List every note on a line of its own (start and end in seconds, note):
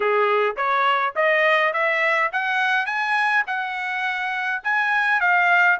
0.00 0.55 G#4
0.56 1.14 C#5
1.15 1.73 D#5
1.73 2.31 E5
2.32 2.86 F#5
2.86 3.43 G#5
3.46 4.62 F#5
4.63 5.20 G#5
5.20 5.77 F5